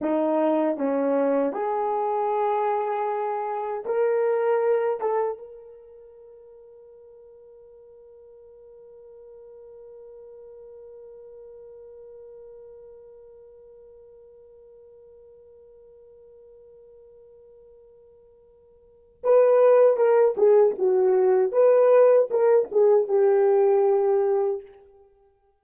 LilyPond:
\new Staff \with { instrumentName = "horn" } { \time 4/4 \tempo 4 = 78 dis'4 cis'4 gis'2~ | gis'4 ais'4. a'8 ais'4~ | ais'1~ | ais'1~ |
ais'1~ | ais'1~ | ais'4 b'4 ais'8 gis'8 fis'4 | b'4 ais'8 gis'8 g'2 | }